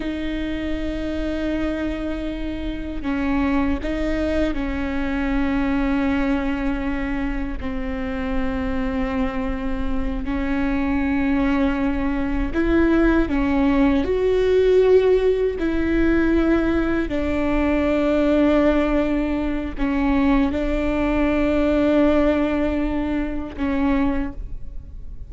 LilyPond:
\new Staff \with { instrumentName = "viola" } { \time 4/4 \tempo 4 = 79 dis'1 | cis'4 dis'4 cis'2~ | cis'2 c'2~ | c'4. cis'2~ cis'8~ |
cis'8 e'4 cis'4 fis'4.~ | fis'8 e'2 d'4.~ | d'2 cis'4 d'4~ | d'2. cis'4 | }